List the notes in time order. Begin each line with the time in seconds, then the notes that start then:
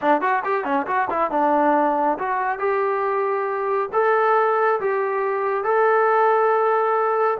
0.01 D4
0.21 F#4
0.44 G4
0.64 C#4
0.86 F#4
1.09 E4
1.30 D4
2.18 F#4
2.58 G4
3.92 A4
4.80 G4
5.64 A4